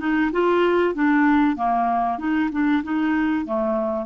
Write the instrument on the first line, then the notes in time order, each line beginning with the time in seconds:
clarinet
0.00 D#4
0.32 F4
0.95 D4
1.57 A#3
2.19 D#4
2.52 D4
2.84 D#4
3.46 A3